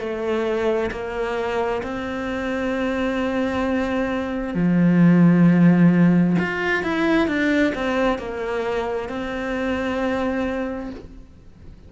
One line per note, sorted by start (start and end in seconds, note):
0.00 0.91 A3
0.91 1.82 A#3
1.83 4.55 C4
4.55 6.37 F3
6.39 6.83 F4
6.83 7.28 E4
7.28 7.73 D4
7.75 8.19 C4
8.19 9.09 A#3
9.09 10.91 C4